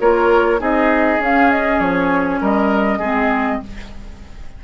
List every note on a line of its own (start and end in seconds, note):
0.00 0.60 A#3
0.00 0.59 F4
0.00 0.60 A#4
0.00 0.61 C#5
0.59 1.19 C4
0.59 1.19 D#4
0.59 2.41 G#4
0.59 1.23 D#5
1.19 1.80 C#4
1.19 3.02 C#4
1.19 1.51 F5
1.51 1.80 D#5
1.80 2.40 F3
1.80 2.41 C#5
2.41 2.99 G3
2.41 2.99 A#4
2.41 3.64 D#5
2.99 3.60 G#3
2.99 3.63 C4
2.99 3.60 G#4